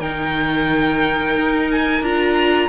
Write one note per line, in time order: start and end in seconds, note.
0.00 1.34 D#3
0.00 2.03 D#4
0.00 2.69 A#4
0.00 1.69 G5
1.34 2.01 D#4
1.71 2.04 G#5
2.01 2.69 D4
2.01 2.69 F4
2.01 2.69 A#5